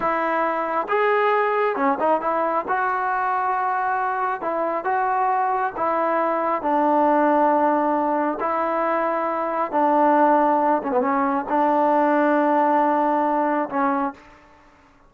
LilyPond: \new Staff \with { instrumentName = "trombone" } { \time 4/4 \tempo 4 = 136 e'2 gis'2 | cis'8 dis'8 e'4 fis'2~ | fis'2 e'4 fis'4~ | fis'4 e'2 d'4~ |
d'2. e'4~ | e'2 d'2~ | d'8 cis'16 b16 cis'4 d'2~ | d'2. cis'4 | }